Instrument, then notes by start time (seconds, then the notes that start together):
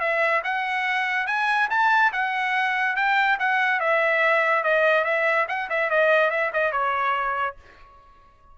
trumpet
0.00 E5
0.44 F#5
1.27 G#5
1.70 A5
2.12 F#5
2.96 G5
3.39 F#5
3.80 E5
4.64 D#5
5.04 E5
5.49 F#5
5.70 E5
5.90 D#5
6.30 E5
6.53 D#5
6.72 C#5